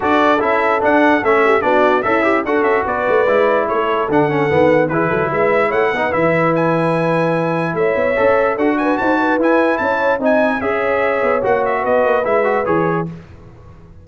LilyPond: <<
  \new Staff \with { instrumentName = "trumpet" } { \time 4/4 \tempo 4 = 147 d''4 e''4 fis''4 e''4 | d''4 e''4 fis''8 e''8 d''4~ | d''4 cis''4 fis''2 | b'4 e''4 fis''4 e''4 |
gis''2. e''4~ | e''4 fis''8 gis''8 a''4 gis''4 | a''4 gis''4 e''2 | fis''8 e''8 dis''4 e''4 cis''4 | }
  \new Staff \with { instrumentName = "horn" } { \time 4/4 a'2.~ a'8 g'8 | fis'4 e'4 a'4 b'4~ | b'4 a'2. | gis'8 a'8 b'4 cis''8 b'4.~ |
b'2. cis''4~ | cis''4 a'8 b'8 c''8 b'4. | cis''4 dis''4 cis''2~ | cis''4 b'2. | }
  \new Staff \with { instrumentName = "trombone" } { \time 4/4 fis'4 e'4 d'4 cis'4 | d'4 a'8 g'8 fis'2 | e'2 d'8 cis'8 b4 | e'2~ e'8 dis'8 e'4~ |
e'1 | a'4 fis'2 e'4~ | e'4 dis'4 gis'2 | fis'2 e'8 fis'8 gis'4 | }
  \new Staff \with { instrumentName = "tuba" } { \time 4/4 d'4 cis'4 d'4 a4 | b4 cis'4 d'8 cis'8 b8 a8 | gis4 a4 d4 dis4 | e8 fis8 gis4 a8 b8 e4~ |
e2. a8 b8 | cis'4 d'4 dis'4 e'4 | cis'4 c'4 cis'4. b8 | ais4 b8 ais8 gis4 e4 | }
>>